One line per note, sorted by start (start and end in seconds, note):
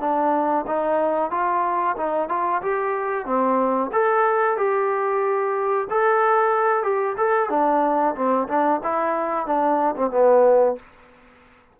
0.00 0.65 D4
0.66 1.31 D#4
1.31 1.96 F4
1.97 2.29 D#4
2.29 2.61 F4
2.62 3.25 G4
3.25 3.91 C4
3.92 4.57 A4
4.57 5.88 G4
5.90 6.83 A4
6.83 7.16 G4
7.17 7.49 A4
7.49 8.15 D4
8.15 8.48 C4
8.48 8.81 D4
8.83 9.46 E4
9.46 9.95 D4
9.96 10.11 C4
10.11 10.76 B3